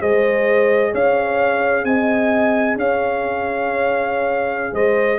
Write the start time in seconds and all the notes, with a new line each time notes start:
0.00 G#3 G#4 C5 D#5
0.92 C#4 C#5 F5
1.85 C4 D#5 G#5
2.76 C#4 C#5 F5
4.73 G#3 C5 D#5